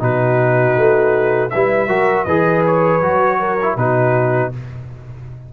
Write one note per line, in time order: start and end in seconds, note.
0.00 0.76 B2
0.00 1.50 D#4
0.00 1.52 F#4
0.00 1.50 B4
0.77 1.52 A3
1.50 1.89 G3
1.50 1.89 E4
1.50 1.89 B4
1.50 2.25 E5
1.89 2.26 F#3
1.89 2.26 F#4
1.89 2.26 A#4
2.25 3.02 E3
2.25 3.03 G#4
2.25 3.38 B4
2.25 2.62 D#5
2.67 3.78 C#5
3.02 3.77 F#3
3.02 3.59 F#4
3.40 3.77 A#4
3.63 3.78 E4
3.77 4.52 B2
3.77 4.53 D#4
3.77 4.53 F#4
3.77 4.53 B4